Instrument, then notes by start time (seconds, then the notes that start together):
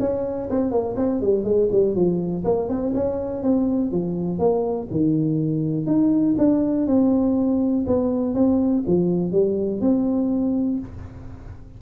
tuba
0.00 C#4
0.50 C4
0.71 A#3
0.97 C4
1.21 G3
1.44 G#3
1.72 G3
1.95 F3
2.45 A#3
2.69 C4
2.94 C#4
3.43 C4
3.92 F3
4.39 A#3
4.91 D#3
5.87 D#4
6.38 D4
6.87 C4
7.87 B3
8.35 C4
8.87 F3
9.32 G3
9.81 C4